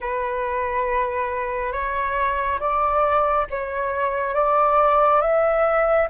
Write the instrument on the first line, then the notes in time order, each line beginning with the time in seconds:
flute
0.00 B4
1.72 C#5
2.60 D5
3.50 C#5
4.34 D5
5.21 E5